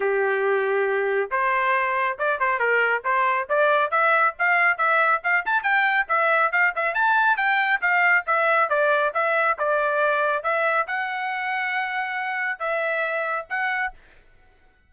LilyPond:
\new Staff \with { instrumentName = "trumpet" } { \time 4/4 \tempo 4 = 138 g'2. c''4~ | c''4 d''8 c''8 ais'4 c''4 | d''4 e''4 f''4 e''4 | f''8 a''8 g''4 e''4 f''8 e''8 |
a''4 g''4 f''4 e''4 | d''4 e''4 d''2 | e''4 fis''2.~ | fis''4 e''2 fis''4 | }